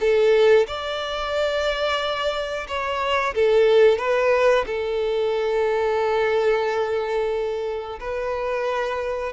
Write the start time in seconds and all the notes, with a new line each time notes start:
0.00 A4
0.67 D5
2.68 C#5
3.35 A4
3.98 B4
4.66 A4
8.00 B4